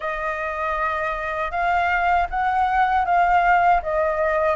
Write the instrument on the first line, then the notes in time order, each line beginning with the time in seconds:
flute
0.00 D#5
1.51 F5
2.30 F#5
3.05 F5
3.82 D#5